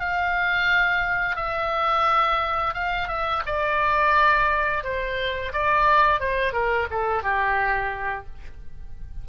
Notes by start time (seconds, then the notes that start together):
0.00 F5
1.36 E5
2.74 F5
3.08 E5
3.46 D5
4.84 C5
5.53 D5
6.20 C5
6.53 A#4
6.91 A4
7.23 G4